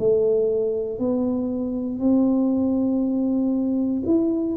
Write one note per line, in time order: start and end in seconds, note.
0.00 0.99 A3
0.99 2.00 B3
2.00 4.03 C4
4.06 4.57 E4